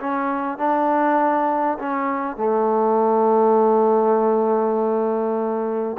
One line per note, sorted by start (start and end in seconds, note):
0.00 0.58 C#4
0.58 1.78 D4
1.79 2.37 C#4
2.37 5.97 A3